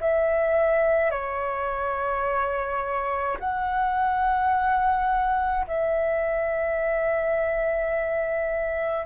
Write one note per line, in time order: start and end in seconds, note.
0.00 1.11 E5
1.11 3.37 C#5
3.40 5.66 F#5
5.67 9.06 E5